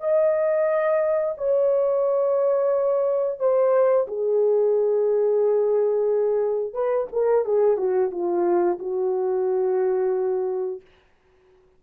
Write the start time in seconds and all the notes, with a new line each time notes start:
0.00 D#5
1.37 C#5
3.39 C5
4.07 G#4
6.73 B4
7.12 A#4
7.45 G#4
7.77 F#4
8.11 F4
8.79 F#4